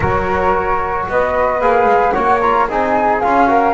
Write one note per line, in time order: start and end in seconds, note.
0.00 1.06 F#3
0.00 1.61 F#4
0.00 1.06 A#4
0.00 1.07 C#5
1.08 1.60 B3
1.08 2.13 B4
1.08 1.60 D#5
1.60 1.85 A#3
1.60 2.14 G#4
1.60 2.11 F5
1.85 2.12 G#3
2.11 2.69 A#3
2.11 2.41 F#4
2.11 2.67 C#5
2.11 2.38 F#5
2.41 2.68 F4
2.41 2.68 A#5
2.68 3.22 C4
2.68 3.22 D#4
2.68 3.48 G#4
2.68 3.20 G#5
3.20 3.74 C#4
3.20 3.46 F4
3.20 3.74 F5
3.46 3.73 F#4
3.46 3.74 A#4